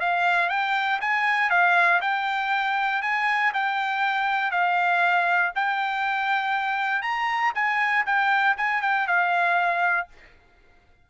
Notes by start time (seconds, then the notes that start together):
0.00 F5
0.49 G5
1.01 G#5
1.50 F5
2.01 G5
3.02 G#5
3.54 G5
4.51 F5
5.55 G5
7.02 A#5
7.55 G#5
8.06 G5
8.57 G#5
8.82 G5
9.07 F5